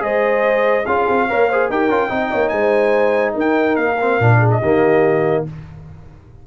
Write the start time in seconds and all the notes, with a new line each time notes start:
0.00 G#3 G#4 C5 D#5
0.86 C#4 F4 G#4 F5
1.09 C4
1.30 A#3 A#4 C#5
1.49 G#4 C5
1.70 D#4 G4 A#4 G5
1.89 C#4 F4
2.10 C4 D#4 D#5
2.32 A#3 C#5
2.49 G#3 C5 G#5
3.34 D#4 A#4 G5
3.76 A#3 F5
4.01 C4
4.20 A#2 D4
4.39 G#4
4.51 D#5
4.61 D#3 A#3 G4